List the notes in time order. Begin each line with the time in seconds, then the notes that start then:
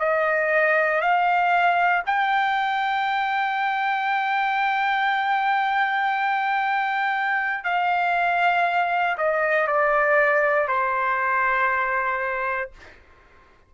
0.00 D#5
1.02 F5
2.06 G5
7.65 F5
9.18 D#5
9.68 D5
10.68 C5